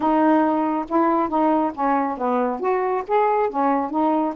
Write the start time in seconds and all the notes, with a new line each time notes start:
0.00 D#4
0.88 E4
1.28 D#4
1.74 C#4
2.17 B3
2.59 F#4
3.07 G#4
3.49 C#4
3.90 D#4